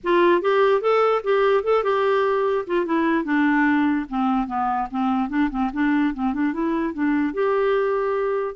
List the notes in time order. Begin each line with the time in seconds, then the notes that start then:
0.03 F4
0.41 G4
0.81 A4
1.23 G4
1.63 A4
1.83 G4
2.66 F4
2.85 E4
3.24 D4
4.09 C4
4.47 B3
4.90 C4
5.29 D4
5.50 C4
5.73 D4
6.14 C4
6.33 D4
6.53 E4
6.93 D4
7.33 G4